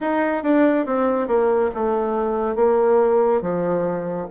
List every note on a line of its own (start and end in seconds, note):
0.00 0.43 D#4
0.43 0.86 D4
0.86 1.27 C4
1.27 1.70 A#3
1.74 2.55 A3
2.55 3.41 A#3
3.41 4.27 F3